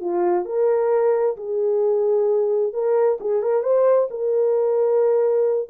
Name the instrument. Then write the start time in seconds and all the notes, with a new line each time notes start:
horn
0.00 F4
0.45 A#4
1.36 G#4
2.73 A#4
3.20 G#4
3.42 A#4
3.62 C5
4.10 A#4